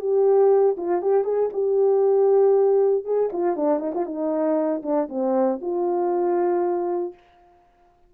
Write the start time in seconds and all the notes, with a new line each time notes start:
0.00 G4
0.77 F4
1.02 G4
1.24 G#4
1.53 G4
3.04 G#4
3.33 F4
3.56 D4
3.80 D#4
3.95 F4
4.06 D#4
4.83 D4
5.09 C4
5.61 F4